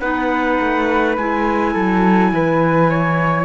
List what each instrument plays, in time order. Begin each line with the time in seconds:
0.00 cello B3, clarinet D#4, flute B4, trumpet F#5
0.60 cello A3
1.17 cello G#3, clarinet E4, trumpet G#5
1.73 cello F#3, flute A4
2.33 cello E3, flute B4
2.90 flute C#5